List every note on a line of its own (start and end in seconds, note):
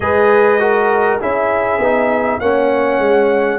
0.00 1.19 G#3
0.00 0.59 G#4
0.00 0.60 B4
0.00 1.19 D#5
0.59 1.19 F#4
0.59 1.20 A#4
1.20 1.78 C#4
1.20 1.80 E4
1.20 2.40 G#4
1.20 2.40 E5
1.78 2.38 B3
1.78 2.40 D#4
2.40 2.98 A#3
2.40 3.59 C#4
2.40 3.59 C#5
2.40 3.59 F#5
2.98 3.58 G#3